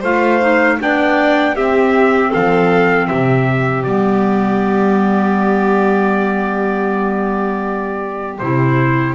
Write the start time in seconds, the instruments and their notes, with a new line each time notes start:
0.00 double bass A3, clarinet F4, violin C5, trumpet F5
0.40 clarinet D#4
0.79 double bass B3, clarinet D4, violin D5, trumpet G5
1.55 double bass C4, clarinet C4, violin G4, trumpet E5
2.31 double bass F3, violin A4, trumpet F5
3.07 double bass C3, violin G4, trumpet E5
3.83 double bass G3, clarinet B3, trumpet D5
8.38 double bass C3, clarinet E4, trumpet C5